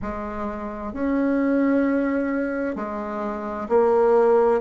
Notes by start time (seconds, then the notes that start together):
0.02 G#3
0.93 C#4
2.75 G#3
3.68 A#3